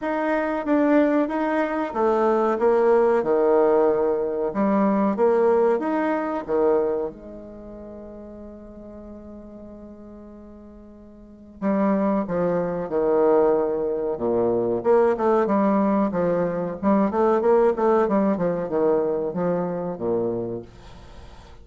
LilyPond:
\new Staff \with { instrumentName = "bassoon" } { \time 4/4 \tempo 4 = 93 dis'4 d'4 dis'4 a4 | ais4 dis2 g4 | ais4 dis'4 dis4 gis4~ | gis1~ |
gis2 g4 f4 | dis2 ais,4 ais8 a8 | g4 f4 g8 a8 ais8 a8 | g8 f8 dis4 f4 ais,4 | }